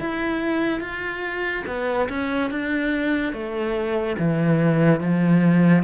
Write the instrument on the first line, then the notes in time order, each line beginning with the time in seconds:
cello
0.00 E4
0.81 F4
1.67 B3
2.09 C#4
2.51 D4
3.33 A3
4.19 E3
5.00 F3